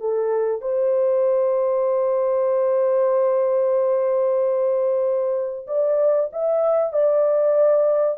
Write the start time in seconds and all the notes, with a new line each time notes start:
0.00 A4
0.61 C5
5.67 D5
6.32 E5
6.92 D5